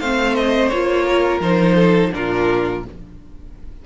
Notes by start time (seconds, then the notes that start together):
0.00 A3 C4 C5 F5
0.35 D#5
0.68 A#3 F4 C#5
1.05 A#4
1.40 F3 D#4 C5
1.75 A4
2.12 A#2 D4 F4 A#4